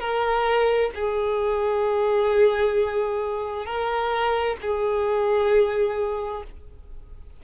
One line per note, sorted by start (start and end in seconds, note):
0.00 0.91 A#4
0.95 3.66 G#4
3.66 4.57 A#4
4.62 6.44 G#4